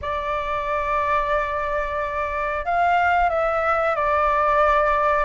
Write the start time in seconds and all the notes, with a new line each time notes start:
0.01 D5
2.65 F5
3.29 E5
3.95 D5